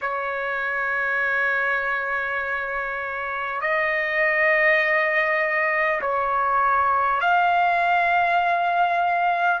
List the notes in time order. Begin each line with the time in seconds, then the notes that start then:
0.01 C#5
3.61 D#5
6.01 C#5
7.20 F5